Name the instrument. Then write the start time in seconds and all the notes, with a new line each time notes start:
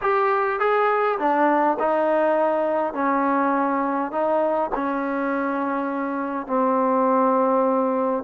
trombone
0.01 G4
0.59 G#4
1.18 D4
1.79 D#4
2.93 C#4
4.11 D#4
4.74 C#4
6.47 C4